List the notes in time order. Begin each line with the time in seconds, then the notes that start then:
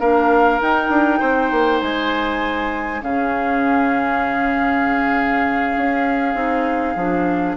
0.00 A#3 D4 A#4 F5
0.61 D#4 G5
0.90 D4
1.20 C4 C5
1.51 A#3
1.81 G#3 G#5
3.02 C#3 C#4 G#4 F5
5.77 C#4
6.35 C4 D#4
6.96 F3 D4